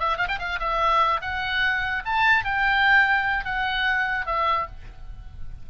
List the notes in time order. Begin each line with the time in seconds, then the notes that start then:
0.00 E5
0.17 F5
0.28 G5
0.39 F5
0.60 E5
1.22 F#5
2.06 A5
2.45 G5
3.45 F#5
4.26 E5